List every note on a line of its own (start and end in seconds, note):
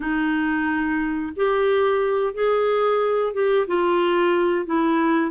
0.00 1.33 D#4
1.35 2.34 G4
2.34 3.33 G#4
3.33 3.67 G4
3.67 4.65 F4
4.65 5.31 E4